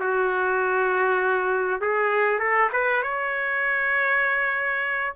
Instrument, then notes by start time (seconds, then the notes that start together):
trumpet
0.00 F#4
1.81 G#4
2.40 A4
2.73 B4
3.03 C#5